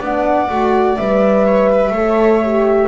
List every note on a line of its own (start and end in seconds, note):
0.00 0.48 B3
0.00 0.50 D4
0.00 1.46 D5
0.00 0.97 F#5
0.49 0.97 A3
0.49 0.98 F#4
0.97 1.91 G3
0.97 1.94 B4
0.97 2.88 E5
1.46 1.70 C#5
1.72 1.94 B4
1.91 2.87 A3
1.91 2.42 A4
1.91 2.88 C#5
2.43 2.88 G4